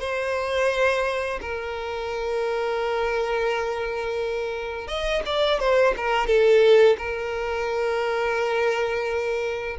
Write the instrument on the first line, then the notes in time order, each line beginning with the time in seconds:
violin
0.00 C5
1.41 A#4
4.88 D#5
5.26 D5
5.60 C5
5.97 A#4
6.27 A4
6.98 A#4